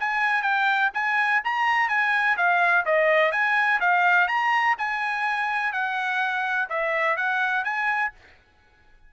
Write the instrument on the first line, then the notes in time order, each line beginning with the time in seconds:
trumpet
0.00 G#5
0.42 G5
0.94 G#5
1.44 A#5
1.89 G#5
2.37 F5
2.85 D#5
3.32 G#5
3.80 F5
4.28 A#5
4.78 G#5
5.73 F#5
6.70 E5
7.17 F#5
7.64 G#5